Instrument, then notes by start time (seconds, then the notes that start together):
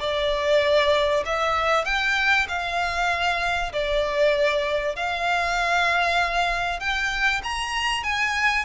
violin
0.00 D5
1.25 E5
1.85 G5
2.48 F5
3.73 D5
4.96 F5
6.80 G5
7.44 A#5
8.04 G#5